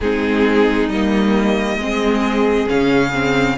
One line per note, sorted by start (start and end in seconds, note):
0.00 0.88 G#3
0.00 0.91 C4
0.00 1.81 D#4
0.00 0.89 G#4
0.88 1.77 G3
0.88 1.81 A#3
0.88 2.68 D#5
1.77 2.66 G#3
1.77 2.68 C4
1.77 3.58 G#4
2.68 3.58 C#3
2.68 3.12 C#4
2.68 3.58 F5
3.13 3.58 C4